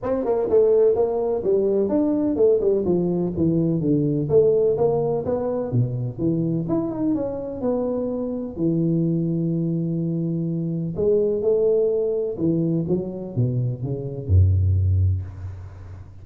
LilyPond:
\new Staff \with { instrumentName = "tuba" } { \time 4/4 \tempo 4 = 126 c'8 ais8 a4 ais4 g4 | d'4 a8 g8 f4 e4 | d4 a4 ais4 b4 | b,4 e4 e'8 dis'8 cis'4 |
b2 e2~ | e2. gis4 | a2 e4 fis4 | b,4 cis4 fis,2 | }